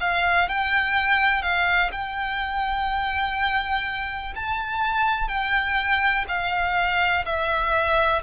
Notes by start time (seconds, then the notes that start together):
0.00 F5
0.48 G5
1.42 F5
1.91 G5
4.35 A5
5.28 G5
6.28 F5
7.25 E5